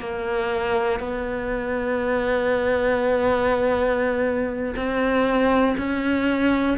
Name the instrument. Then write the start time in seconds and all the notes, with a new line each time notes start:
cello
0.00 A#3
1.00 B3
4.76 C4
5.77 C#4